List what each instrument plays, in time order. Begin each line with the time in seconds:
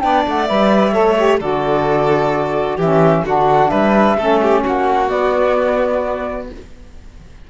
0.00 cello B3, saxophone D4, violin D5, flute G5
0.27 cello A3, flute F#5
0.45 cello G3, saxophone B4, flute E5
0.92 cello A3, saxophone A4, violin C#5
1.17 saxophone G4
1.40 cello D3, saxophone F#4, violin A4, flute D5
2.76 cello E3, saxophone C#4, violin G4, flute E5
3.25 cello D3, saxophone D4, violin F#4, flute F#5
3.69 cello G3, violin B4, flute E5
4.17 cello A3, saxophone C#4, violin A4
4.42 violin G4
4.63 cello A#3, violin F#4, flute F#5
5.07 saxophone B3, cello B3, flute D5